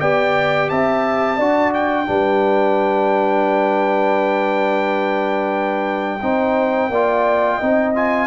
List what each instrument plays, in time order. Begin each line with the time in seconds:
0.00 tuba B3, trombone G4, horn D5, trumpet G5
0.69 tuba C4, horn E5, trumpet A5
1.36 tuba D4, trombone F#4, horn D5
1.73 trumpet G5
2.05 tuba G3, trombone D4, horn B4
6.21 tuba C4, trombone D#4, horn C5
6.88 tuba A#3, trombone F4, horn D5
7.56 tuba C4, trombone D#4, horn D#5
7.94 trombone F4, trumpet G#5